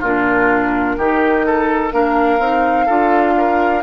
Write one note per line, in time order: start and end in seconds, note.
0.00 0.98 A#2
0.00 1.00 D4
0.00 0.95 F4
0.00 1.92 A#4
0.98 1.92 D#3
0.98 1.91 D#4
0.98 1.46 G4
1.46 1.93 A4
1.91 2.39 A#3
1.91 2.38 D4
1.91 2.86 A#4
1.91 3.83 F5
2.39 2.87 C4
2.39 2.88 D#4
2.86 3.83 D4
2.86 3.83 F4
2.86 3.34 A4
3.37 3.83 A#4